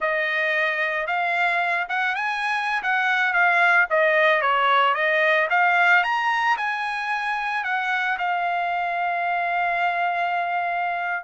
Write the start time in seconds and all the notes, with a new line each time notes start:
0.00 D#5
1.06 F5
1.88 F#5
2.15 G#5
2.82 F#5
3.33 F5
3.90 D#5
4.41 C#5
4.94 D#5
5.49 F5
6.03 A#5
6.57 G#5
7.64 F#5
8.18 F5